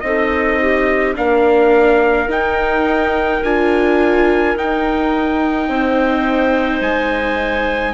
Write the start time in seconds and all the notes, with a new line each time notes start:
0.00 C4 D#4 A4 D#5
0.61 G4
1.15 A#3 D4 A#4 F5
2.27 D#4 G5
3.43 D4 F4 G#5
4.55 D#4 G5
5.68 C4 C5
6.80 G#3 G#5